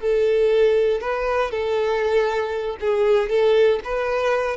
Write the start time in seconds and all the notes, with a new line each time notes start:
0.00 A4
1.01 B4
1.51 A4
2.80 G#4
3.29 A4
3.84 B4